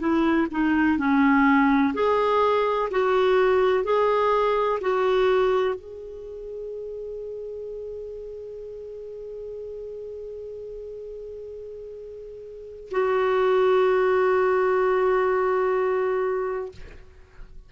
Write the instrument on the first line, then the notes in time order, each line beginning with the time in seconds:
clarinet
0.00 E4
0.52 D#4
0.99 C#4
1.94 G#4
2.91 F#4
3.84 G#4
4.81 F#4
5.75 G#4
12.91 F#4